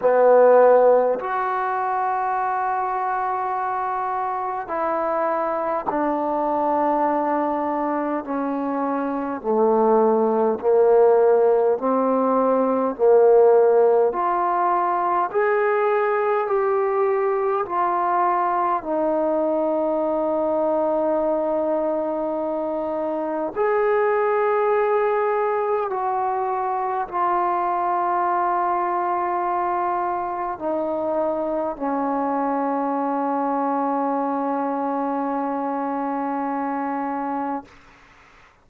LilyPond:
\new Staff \with { instrumentName = "trombone" } { \time 4/4 \tempo 4 = 51 b4 fis'2. | e'4 d'2 cis'4 | a4 ais4 c'4 ais4 | f'4 gis'4 g'4 f'4 |
dis'1 | gis'2 fis'4 f'4~ | f'2 dis'4 cis'4~ | cis'1 | }